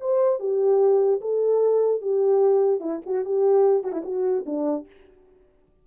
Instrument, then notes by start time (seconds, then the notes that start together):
horn
0.00 C5
0.39 G4
1.21 A4
2.02 G4
2.80 E4
3.06 F#4
3.25 G4
3.83 F#4
3.92 E4
4.04 F#4
4.46 D4